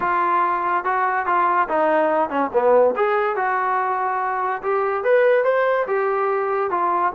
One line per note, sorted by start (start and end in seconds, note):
0.00 0.84 F4
0.84 1.26 F#4
1.26 1.68 F4
1.68 2.29 D#4
2.29 2.50 C#4
2.53 2.95 B3
2.95 3.36 G#4
3.36 4.62 F#4
4.62 5.03 G4
5.03 5.44 B4
5.44 5.86 C5
5.87 6.70 G4
6.70 7.12 F4